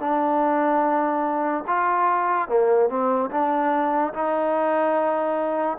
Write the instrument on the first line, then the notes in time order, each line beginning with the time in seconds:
trombone
0.00 D4
1.68 F4
2.49 A#3
2.90 C4
3.31 D4
4.14 D#4